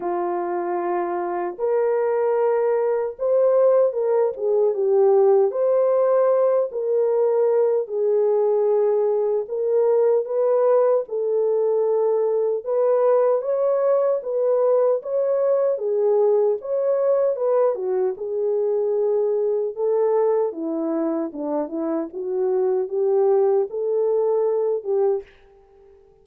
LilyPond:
\new Staff \with { instrumentName = "horn" } { \time 4/4 \tempo 4 = 76 f'2 ais'2 | c''4 ais'8 gis'8 g'4 c''4~ | c''8 ais'4. gis'2 | ais'4 b'4 a'2 |
b'4 cis''4 b'4 cis''4 | gis'4 cis''4 b'8 fis'8 gis'4~ | gis'4 a'4 e'4 d'8 e'8 | fis'4 g'4 a'4. g'8 | }